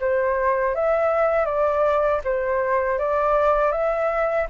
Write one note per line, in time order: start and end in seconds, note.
0.00 0.75 C5
0.75 1.46 E5
1.46 2.21 D5
2.24 2.98 C5
2.98 3.72 D5
3.72 4.47 E5